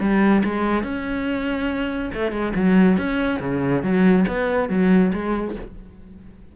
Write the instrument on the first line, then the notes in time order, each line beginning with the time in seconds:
cello
0.00 G3
0.44 G#3
0.83 C#4
2.14 A3
2.32 G#3
2.55 F#3
2.97 C#4
3.40 C#3
3.83 F#3
4.27 B3
4.69 F#3
5.13 G#3